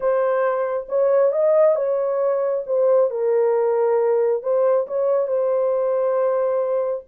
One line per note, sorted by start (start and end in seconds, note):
0.00 0.86 C5
0.88 1.32 C#5
1.32 1.75 D#5
1.75 2.64 C#5
2.66 3.10 C5
3.10 4.42 A#4
4.42 4.86 C5
4.87 5.27 C#5
5.27 7.04 C5